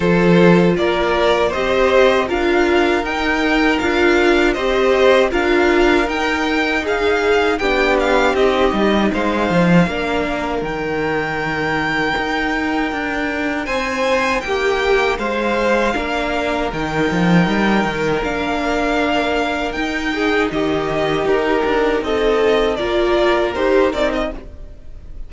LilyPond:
<<
  \new Staff \with { instrumentName = "violin" } { \time 4/4 \tempo 4 = 79 c''4 d''4 dis''4 f''4 | g''4 f''4 dis''4 f''4 | g''4 f''4 g''8 f''8 dis''4 | f''2 g''2~ |
g''2 gis''4 g''4 | f''2 g''2 | f''2 g''4 dis''4 | ais'4 dis''4 d''4 c''8 d''16 dis''16 | }
  \new Staff \with { instrumentName = "violin" } { \time 4/4 a'4 ais'4 c''4 ais'4~ | ais'2 c''4 ais'4~ | ais'4 gis'4 g'2 | c''4 ais'2.~ |
ais'2 c''4 g'4 | c''4 ais'2.~ | ais'2~ ais'8 gis'8 g'4~ | g'4 a'4 ais'2 | }
  \new Staff \with { instrumentName = "viola" } { \time 4/4 f'2 g'4 f'4 | dis'4 f'4 g'4 f'4 | dis'2 d'4 dis'4~ | dis'4 d'4 dis'2~ |
dis'1~ | dis'4 d'4 dis'2 | d'2 dis'2~ | dis'2 f'4 g'8 dis'8 | }
  \new Staff \with { instrumentName = "cello" } { \time 4/4 f4 ais4 c'4 d'4 | dis'4 d'4 c'4 d'4 | dis'2 b4 c'8 g8 | gis8 f8 ais4 dis2 |
dis'4 d'4 c'4 ais4 | gis4 ais4 dis8 f8 g8 dis8 | ais2 dis'4 dis4 | dis'8 d'8 c'4 ais4 dis'8 c'8 | }
>>